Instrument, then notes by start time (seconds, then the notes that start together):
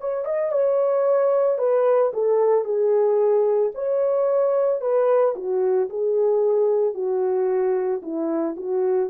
horn
0.00 C#5
0.25 D#5
0.52 C#5
1.58 B4
2.13 A4
2.64 G#4
3.75 C#5
4.81 B4
5.35 F#4
5.89 G#4
6.94 F#4
8.02 E4
8.56 F#4